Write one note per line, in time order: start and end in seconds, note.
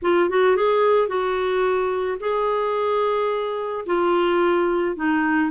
0.02 0.29 F4
0.29 0.56 F#4
0.56 1.08 G#4
1.08 2.18 F#4
2.20 3.85 G#4
3.86 4.96 F4
4.96 5.50 D#4